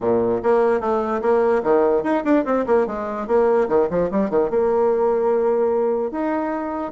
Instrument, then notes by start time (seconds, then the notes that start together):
bassoon
0.00 A#2
0.42 A#3
0.80 A3
1.21 A#3
1.63 D#3
2.03 D#4
2.24 D4
2.45 C4
2.66 A#3
2.86 G#3
3.27 A#3
3.68 D#3
3.90 F3
4.10 G3
4.29 D#3
4.50 A#3
6.11 D#4